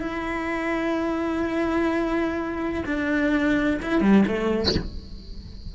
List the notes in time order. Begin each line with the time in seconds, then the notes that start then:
0.00 E4
2.85 D4
3.82 E4
4.01 G3
4.27 A3